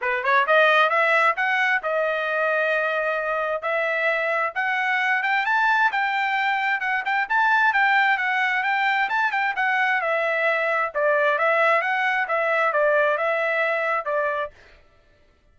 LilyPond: \new Staff \with { instrumentName = "trumpet" } { \time 4/4 \tempo 4 = 132 b'8 cis''8 dis''4 e''4 fis''4 | dis''1 | e''2 fis''4. g''8 | a''4 g''2 fis''8 g''8 |
a''4 g''4 fis''4 g''4 | a''8 g''8 fis''4 e''2 | d''4 e''4 fis''4 e''4 | d''4 e''2 d''4 | }